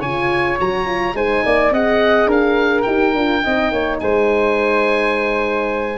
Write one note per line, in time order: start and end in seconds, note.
0.00 0.59 C#3
0.00 0.60 F4
0.00 1.14 C#5
0.00 0.59 G#5
0.60 1.14 F#3
0.60 0.86 F#4
0.60 1.16 A#5
0.86 1.14 F4
1.14 1.42 G#3
1.14 1.73 D#4
1.14 1.44 C5
1.14 1.73 G#5
1.45 1.71 A#3
1.45 1.73 D5
1.71 2.26 C4
1.71 2.86 G#4
1.71 2.28 D#5
1.71 2.31 F#5
2.26 2.83 D4
2.26 3.42 A#4
2.26 2.82 F5
2.82 3.14 D#4
2.82 3.15 G4
2.82 3.96 G5
3.14 3.43 D4
3.14 3.42 F4
3.42 3.71 C4
3.42 5.98 D#4
3.42 3.72 D#5
3.71 4.00 A#3
3.71 4.01 C#5
4.00 5.98 G#3
4.00 5.98 C5
4.00 5.98 G#5